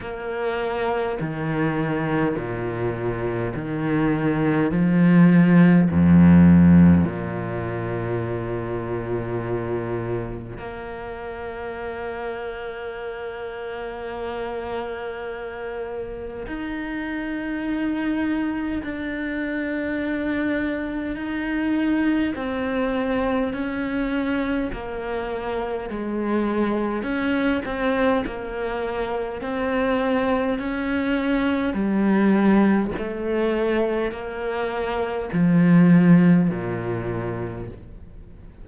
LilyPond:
\new Staff \with { instrumentName = "cello" } { \time 4/4 \tempo 4 = 51 ais4 dis4 ais,4 dis4 | f4 f,4 ais,2~ | ais,4 ais2.~ | ais2 dis'2 |
d'2 dis'4 c'4 | cis'4 ais4 gis4 cis'8 c'8 | ais4 c'4 cis'4 g4 | a4 ais4 f4 ais,4 | }